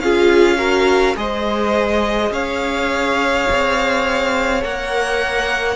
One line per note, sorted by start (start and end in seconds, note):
0.00 1.15 C#4
0.00 0.58 F4
0.00 0.58 G#4
0.00 1.16 F5
0.58 1.15 F#4
0.58 1.16 A#4
1.16 2.31 G#3
1.16 4.62 G#4
1.16 2.33 C5
1.16 2.33 D#5
2.31 3.46 C#4
2.31 5.76 C#5
2.31 4.64 F5
3.51 4.63 C4
4.62 5.76 A#3
4.62 5.76 A#4
4.62 5.76 F#5